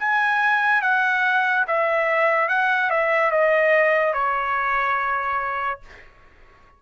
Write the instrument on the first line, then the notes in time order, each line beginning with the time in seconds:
trumpet
0.00 G#5
0.83 F#5
1.68 E5
2.49 F#5
2.91 E5
3.32 D#5
4.14 C#5